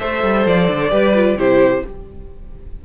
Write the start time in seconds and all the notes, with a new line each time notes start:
0.00 A3 A4 C5 E5
0.24 G3
0.47 F3 D5
0.68 D3
0.90 G3 G4 B4
1.15 F4
1.36 C3 E4 G4 C5